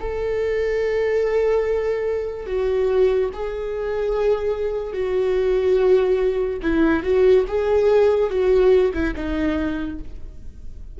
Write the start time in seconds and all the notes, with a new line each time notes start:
0.00 A4
2.47 F#4
3.33 G#4
4.93 F#4
6.63 E4
7.03 F#4
7.48 G#4
8.30 F#4
8.94 E4
9.16 D#4